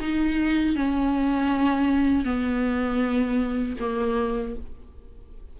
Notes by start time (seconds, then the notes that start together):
0.00 D#4
0.76 C#4
2.24 B3
3.79 A#3